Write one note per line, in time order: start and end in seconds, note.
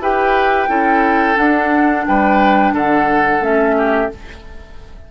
0.00 0.68 E4
0.00 0.69 G4
0.00 0.69 B4
0.00 1.38 G5
0.69 1.37 C#4
0.69 1.35 E4
0.69 2.06 A4
1.35 3.40 D4
1.35 2.06 D4
1.35 2.06 F#5
2.07 2.73 G3
2.07 2.74 B4
2.07 2.76 G5
2.73 3.41 D3
2.73 3.76 A4
2.73 3.43 F#5
3.41 4.09 A3
3.41 4.10 C#4
3.41 4.12 E5
3.78 4.12 G4